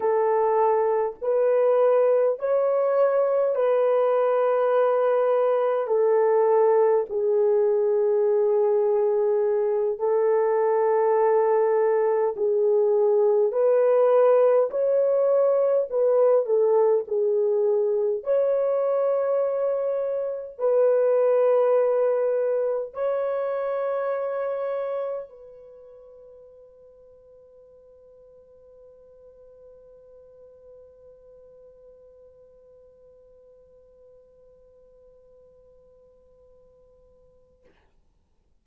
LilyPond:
\new Staff \with { instrumentName = "horn" } { \time 4/4 \tempo 4 = 51 a'4 b'4 cis''4 b'4~ | b'4 a'4 gis'2~ | gis'8 a'2 gis'4 b'8~ | b'8 cis''4 b'8 a'8 gis'4 cis''8~ |
cis''4. b'2 cis''8~ | cis''4. b'2~ b'8~ | b'1~ | b'1 | }